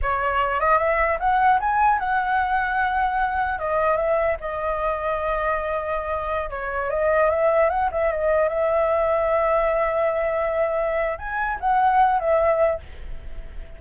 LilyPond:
\new Staff \with { instrumentName = "flute" } { \time 4/4 \tempo 4 = 150 cis''4. dis''8 e''4 fis''4 | gis''4 fis''2.~ | fis''4 dis''4 e''4 dis''4~ | dis''1~ |
dis''16 cis''4 dis''4 e''4 fis''8 e''16~ | e''16 dis''4 e''2~ e''8.~ | e''1 | gis''4 fis''4. e''4. | }